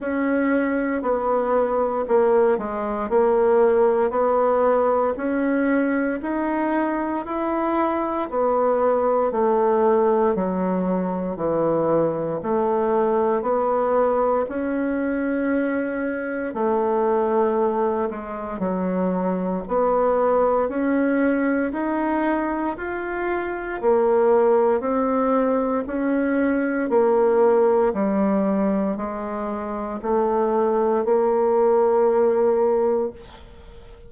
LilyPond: \new Staff \with { instrumentName = "bassoon" } { \time 4/4 \tempo 4 = 58 cis'4 b4 ais8 gis8 ais4 | b4 cis'4 dis'4 e'4 | b4 a4 fis4 e4 | a4 b4 cis'2 |
a4. gis8 fis4 b4 | cis'4 dis'4 f'4 ais4 | c'4 cis'4 ais4 g4 | gis4 a4 ais2 | }